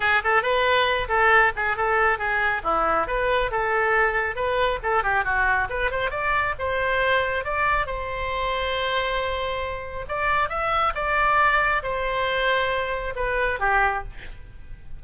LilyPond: \new Staff \with { instrumentName = "oboe" } { \time 4/4 \tempo 4 = 137 gis'8 a'8 b'4. a'4 gis'8 | a'4 gis'4 e'4 b'4 | a'2 b'4 a'8 g'8 | fis'4 b'8 c''8 d''4 c''4~ |
c''4 d''4 c''2~ | c''2. d''4 | e''4 d''2 c''4~ | c''2 b'4 g'4 | }